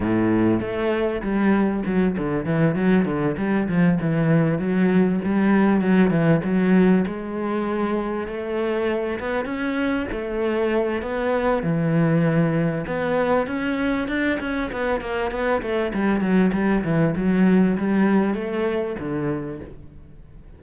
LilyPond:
\new Staff \with { instrumentName = "cello" } { \time 4/4 \tempo 4 = 98 a,4 a4 g4 fis8 d8 | e8 fis8 d8 g8 f8 e4 fis8~ | fis8 g4 fis8 e8 fis4 gis8~ | gis4. a4. b8 cis'8~ |
cis'8 a4. b4 e4~ | e4 b4 cis'4 d'8 cis'8 | b8 ais8 b8 a8 g8 fis8 g8 e8 | fis4 g4 a4 d4 | }